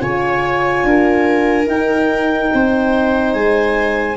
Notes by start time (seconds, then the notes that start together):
0.00 C#3 F4 C#5 G#5
0.83 D4 A#4
1.66 D#4 G5
2.53 C4 C5
3.33 G#3 G#5